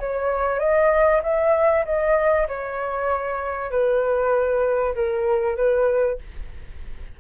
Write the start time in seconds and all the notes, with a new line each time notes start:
0.00 C#5
0.60 D#5
1.23 E5
1.86 D#5
2.48 C#5
3.71 B4
4.95 A#4
5.57 B4